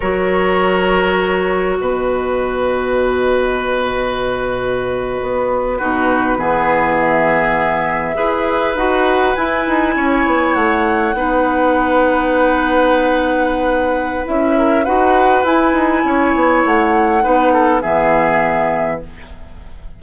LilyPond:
<<
  \new Staff \with { instrumentName = "flute" } { \time 4/4 \tempo 4 = 101 cis''2. dis''4~ | dis''1~ | dis''4.~ dis''16 b'2 e''16~ | e''2~ e''8. fis''4 gis''16~ |
gis''4.~ gis''16 fis''2~ fis''16~ | fis''1 | e''4 fis''4 gis''2 | fis''2 e''2 | }
  \new Staff \with { instrumentName = "oboe" } { \time 4/4 ais'2. b'4~ | b'1~ | b'4.~ b'16 fis'4 gis'4~ gis'16~ | gis'4.~ gis'16 b'2~ b'16~ |
b'8. cis''2 b'4~ b'16~ | b'1~ | b'8 ais'8 b'2 cis''4~ | cis''4 b'8 a'8 gis'2 | }
  \new Staff \with { instrumentName = "clarinet" } { \time 4/4 fis'1~ | fis'1~ | fis'4.~ fis'16 dis'4 b4~ b16~ | b4.~ b16 gis'4 fis'4 e'16~ |
e'2~ e'8. dis'4~ dis'16~ | dis'1 | e'4 fis'4 e'2~ | e'4 dis'4 b2 | }
  \new Staff \with { instrumentName = "bassoon" } { \time 4/4 fis2. b,4~ | b,1~ | b,8. b4 b,4 e4~ e16~ | e4.~ e16 e'4 dis'4 e'16~ |
e'16 dis'8 cis'8 b8 a4 b4~ b16~ | b1 | cis'4 dis'4 e'8 dis'8 cis'8 b8 | a4 b4 e2 | }
>>